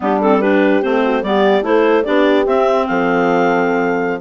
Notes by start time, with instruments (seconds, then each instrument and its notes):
0.00 bassoon G3, clarinet B3 G4, horn D4
0.21 clarinet C4 A4
0.39 clarinet D4 B4, horn G4
0.82 bassoon A3, clarinet C4 C5
1.04 horn F#4
1.22 bassoon G3, clarinet B3 D5, horn G4
1.62 bassoon A3, clarinet E4 C5, horn A4
2.04 bassoon B3, clarinet D4 D5, horn G4
2.46 bassoon C4, clarinet C4 E5
2.86 bassoon F3, horn A4, clarinet F5